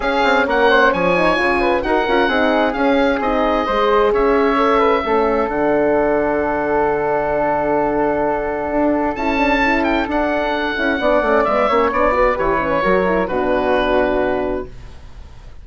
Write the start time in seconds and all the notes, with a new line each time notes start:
0.00 C#4 G#4 F5
0.24 C4
0.46 A#3 A#4 F#5
0.70 C5
0.92 F3 C#5 G#5
1.15 D#4
1.35 C#3 F4
1.61 B4
1.81 D#4 F#4 A#4 F#5
2.07 C#4 F4
2.28 C4 D#4 G#4
2.73 C#4 F5
3.19 C4 D#4 D#5
3.65 G#3 G#4 C5
4.12 C#4 C#5 E5
4.56 A4
4.79 B4
5.04 A3 C#4 A4
5.47 D3 D4 F#5
8.70 D4
9.15 C#4 E4 A5
9.37 D4
9.62 E4
9.83 G5
10.07 D4 F#5
10.75 C#4 E4
10.99 B3 D4 D5
11.21 A3 C#4
11.44 G#3 B3 E5
11.68 A#3 C#4 C#5
11.91 B3 D4 D5
12.11 F#4 B4
12.35 E3 G4 C#5
12.60 C#4
12.82 F#3 F#4 A#4
13.05 E4
13.27 B2 D4 F#4 B4